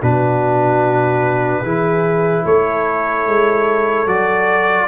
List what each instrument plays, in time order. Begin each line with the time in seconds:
0.00 tuba B2, trombone D4, horn F#4, trumpet B4
1.63 tuba E3, trombone E4, horn G#4
2.45 tuba A3, horn A4, trumpet C#5
3.26 tuba G#3
4.07 tuba F#3, trombone F#4, trumpet D5